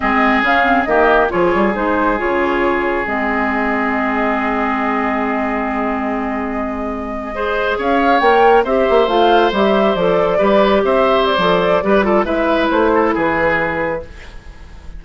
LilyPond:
<<
  \new Staff \with { instrumentName = "flute" } { \time 4/4 \tempo 4 = 137 dis''4 f''4 dis''4 cis''4 | c''4 cis''2 dis''4~ | dis''1~ | dis''1~ |
dis''4.~ dis''16 f''4 g''4 e''16~ | e''8. f''4 e''4 d''4~ d''16~ | d''8. e''4 d''2~ d''16 | e''4 c''4 b'2 | }
  \new Staff \with { instrumentName = "oboe" } { \time 4/4 gis'2 g'4 gis'4~ | gis'1~ | gis'1~ | gis'1~ |
gis'8. c''4 cis''2 c''16~ | c''2.~ c''8. b'16~ | b'8. c''2~ c''16 b'8 a'8 | b'4. a'8 gis'2 | }
  \new Staff \with { instrumentName = "clarinet" } { \time 4/4 c'4 cis'8 c'8 ais4 f'4 | dis'4 f'2 c'4~ | c'1~ | c'1~ |
c'8. gis'2 ais'4 g'16~ | g'8. f'4 g'4 a'4 g'16~ | g'2 a'4 g'8 f'8 | e'1 | }
  \new Staff \with { instrumentName = "bassoon" } { \time 4/4 gis4 cis4 dis4 f8 g8 | gis4 cis2 gis4~ | gis1~ | gis1~ |
gis4.~ gis16 cis'4 ais4 c'16~ | c'16 ais8 a4 g4 f4 g16~ | g8. c'4~ c'16 f4 g4 | gis4 a4 e2 | }
>>